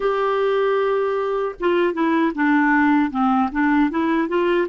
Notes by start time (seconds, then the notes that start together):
0.00 G4
1.60 F4
1.93 E4
2.34 D4
3.10 C4
3.52 D4
3.90 E4
4.28 F4